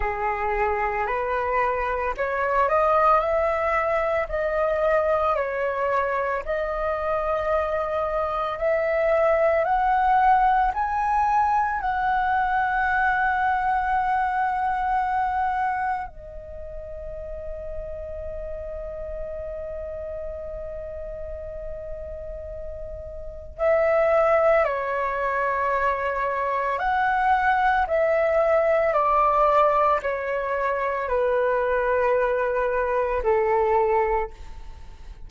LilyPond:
\new Staff \with { instrumentName = "flute" } { \time 4/4 \tempo 4 = 56 gis'4 b'4 cis''8 dis''8 e''4 | dis''4 cis''4 dis''2 | e''4 fis''4 gis''4 fis''4~ | fis''2. dis''4~ |
dis''1~ | dis''2 e''4 cis''4~ | cis''4 fis''4 e''4 d''4 | cis''4 b'2 a'4 | }